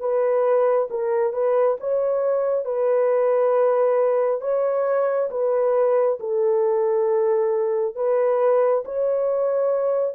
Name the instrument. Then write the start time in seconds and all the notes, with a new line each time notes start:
horn
0.00 B4
0.90 A#4
1.33 B4
1.80 C#5
2.65 B4
4.41 C#5
5.31 B4
6.20 A4
7.96 B4
8.86 C#5